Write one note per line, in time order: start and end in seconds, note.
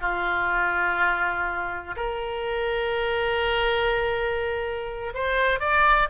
0.00 1.95 F4
1.96 5.13 A#4
5.14 5.59 C5
5.59 6.08 D5